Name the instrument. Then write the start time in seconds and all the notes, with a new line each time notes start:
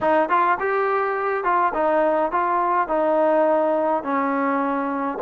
trombone
0.00 D#4
0.29 F4
0.59 G4
1.43 F4
1.73 D#4
2.31 F4
2.87 D#4
4.03 C#4